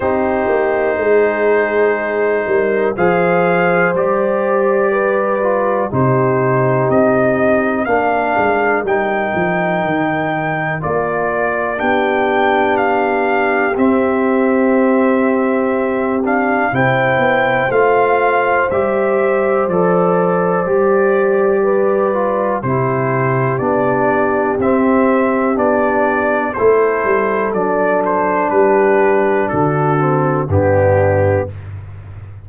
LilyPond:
<<
  \new Staff \with { instrumentName = "trumpet" } { \time 4/4 \tempo 4 = 61 c''2. f''4 | d''2 c''4 dis''4 | f''4 g''2 d''4 | g''4 f''4 e''2~ |
e''8 f''8 g''4 f''4 e''4 | d''2. c''4 | d''4 e''4 d''4 c''4 | d''8 c''8 b'4 a'4 g'4 | }
  \new Staff \with { instrumentName = "horn" } { \time 4/4 g'4 gis'4. ais'8 c''4~ | c''4 b'4 g'2 | ais'1 | g'1~ |
g'4 c''2.~ | c''2 b'4 g'4~ | g'2. a'4~ | a'4 g'4 fis'4 d'4 | }
  \new Staff \with { instrumentName = "trombone" } { \time 4/4 dis'2. gis'4 | g'4. f'8 dis'2 | d'4 dis'2 f'4 | d'2 c'2~ |
c'8 d'8 e'4 f'4 g'4 | a'4 g'4. f'8 e'4 | d'4 c'4 d'4 e'4 | d'2~ d'8 c'8 b4 | }
  \new Staff \with { instrumentName = "tuba" } { \time 4/4 c'8 ais8 gis4. g8 f4 | g2 c4 c'4 | ais8 gis8 g8 f8 dis4 ais4 | b2 c'2~ |
c'4 c8 b8 a4 g4 | f4 g2 c4 | b4 c'4 b4 a8 g8 | fis4 g4 d4 g,4 | }
>>